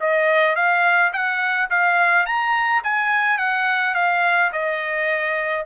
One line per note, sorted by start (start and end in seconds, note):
0.00 0.56 D#5
0.56 1.12 F5
1.13 1.70 F#5
1.70 2.26 F5
2.26 2.83 A#5
2.84 3.38 G#5
3.38 3.95 F#5
3.95 4.51 F5
4.53 5.66 D#5